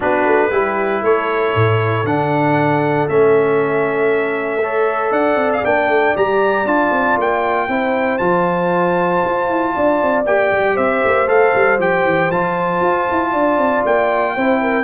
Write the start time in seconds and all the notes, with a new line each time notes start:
0.00 B3 D4 F#4 B4
0.26 A3
0.50 G3 E4 G4
1.02 A3 A4 C#5
1.55 A2
2.03 D3 D4 F#5
3.08 A3 C#4 E5
4.62 A4 C#5
5.11 D4 D5 F#5
5.35 C4
5.52 F5
5.64 A#3 D4 G5
5.88 A3
6.15 G3 G4 A#5
6.65 D4 F4 A5
6.91 C4
7.17 A#3 G5
7.68 C4 E4 C5
8.18 F3 F4 A5
9.24 F4
9.48 E4
9.75 D4 D5
10.01 C4
10.25 A#3 G4 G5
10.51 G3
10.74 C4 C5 E5
11.04 A#3
11.27 A3 A4 F5
11.55 G3
11.79 F3 G4 G5
12.03 E3
12.30 F3 F4 A5
12.81 F4
13.11 E4
13.32 D4 D5
13.57 C4
13.85 A#3 G5
14.35 C4 E4 C5
14.61 A#4